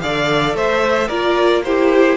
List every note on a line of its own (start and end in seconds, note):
0.00 0.54 D3
0.00 1.09 A4
0.00 0.56 D5
0.00 0.54 F5
0.54 1.08 A3
0.54 1.08 C5
0.54 1.08 E5
1.08 2.16 A#3
1.08 1.64 F4
1.08 1.62 A#4
1.08 1.62 D5
1.64 2.16 E4
1.64 2.16 G4
1.64 2.16 C5